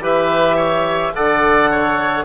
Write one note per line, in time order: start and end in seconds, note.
0.00 1.11 E3
0.00 1.12 G4
0.00 0.56 B4
0.00 1.15 E5
0.56 1.12 C#5
1.15 2.25 D3
1.15 2.25 A4
1.15 1.71 D5
1.15 2.25 F#5
1.71 2.25 C#5